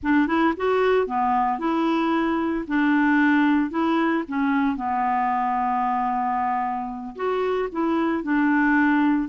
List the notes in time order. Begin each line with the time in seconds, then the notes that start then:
0.03 D4
0.27 E4
0.56 F#4
1.06 B3
1.58 E4
2.67 D4
3.70 E4
4.28 C#4
4.76 B3
7.15 F#4
7.72 E4
8.23 D4